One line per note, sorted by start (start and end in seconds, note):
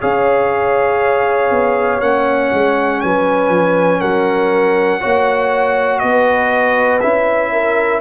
0.00 1.50 C#4
0.00 2.00 G#4
0.00 3.00 C#5
0.00 2.01 F5
1.50 2.00 B3
2.00 2.50 A#3
2.00 5.00 C#4
2.00 3.00 F#5
2.52 3.02 G#3
3.00 3.48 F#3
3.00 3.99 B4
3.00 4.00 G#5
3.48 3.98 F3
3.99 5.01 F#3
3.99 4.99 A#4
3.99 5.99 F#5
5.00 6.02 A#3
5.00 7.00 F#4
5.00 6.00 C#5
5.99 7.02 B3
5.99 7.52 B4
5.99 6.99 D#5
7.00 8.00 C#4
7.00 8.00 E4
7.00 8.00 E5
7.52 8.00 A#4